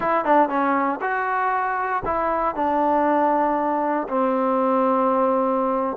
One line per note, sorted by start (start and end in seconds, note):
0.00 0.24 E4
0.24 0.48 D4
0.48 0.99 C#4
1.01 2.02 F#4
2.05 2.55 E4
2.55 4.07 D4
4.08 5.96 C4